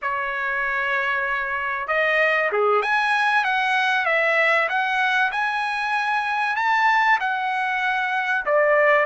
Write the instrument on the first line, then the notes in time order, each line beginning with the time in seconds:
trumpet
0.02 C#5
1.88 D#5
2.52 G#4
2.82 G#5
3.44 F#5
4.05 E5
4.68 F#5
5.31 G#5
6.56 A5
7.20 F#5
8.45 D5